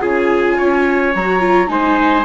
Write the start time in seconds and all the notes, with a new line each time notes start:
0.00 C#3 F4 G#4 G#5
0.58 C#4 C#5
1.15 F#3 F#4 A#5
1.40 F4
1.68 G#3 D#4 C5 G#5